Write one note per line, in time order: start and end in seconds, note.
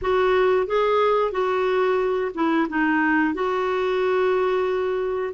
0.01 0.66 F#4
0.66 1.32 G#4
1.32 2.32 F#4
2.34 2.67 E4
2.69 3.34 D#4
3.34 5.34 F#4